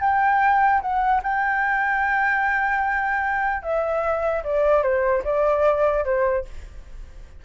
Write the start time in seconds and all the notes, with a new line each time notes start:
0.00 G5
0.81 F#5
1.23 G5
3.62 E5
4.43 D5
4.82 C5
5.24 D5
6.04 C5